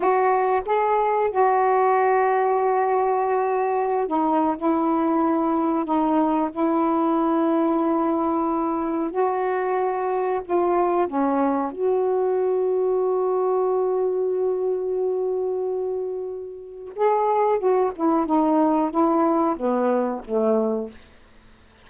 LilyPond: \new Staff \with { instrumentName = "saxophone" } { \time 4/4 \tempo 4 = 92 fis'4 gis'4 fis'2~ | fis'2~ fis'16 dis'8. e'4~ | e'4 dis'4 e'2~ | e'2 fis'2 |
f'4 cis'4 fis'2~ | fis'1~ | fis'2 gis'4 fis'8 e'8 | dis'4 e'4 b4 a4 | }